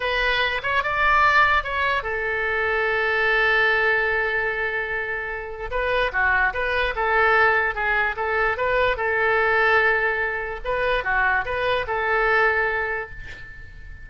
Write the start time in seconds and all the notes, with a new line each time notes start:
0.00 B4
0.62 C#5
0.83 D5
1.63 C#5
2.03 A4
5.71 B4
6.12 F#4
6.53 B4
6.95 A4
7.75 G#4
8.16 A4
8.57 B4
8.96 A4
10.64 B4
11.03 F#4
11.45 B4
11.87 A4